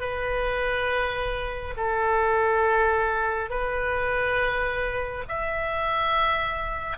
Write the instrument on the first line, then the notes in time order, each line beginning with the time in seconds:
oboe
0.00 B4
1.76 A4
3.49 B4
5.28 E5